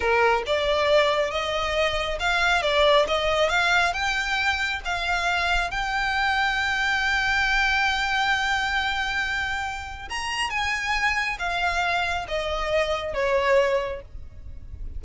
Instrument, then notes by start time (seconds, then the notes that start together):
violin
0.00 A#4
0.46 D5
1.30 D#5
2.19 F5
2.61 D5
3.07 D#5
3.49 F5
3.93 G5
4.84 F5
5.70 G5
10.09 A#5
10.49 G#5
11.38 F5
12.27 D#5
13.13 C#5